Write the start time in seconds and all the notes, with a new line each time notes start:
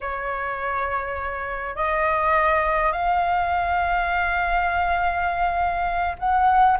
0.00 C#5
1.75 D#5
2.92 F5
6.18 F#5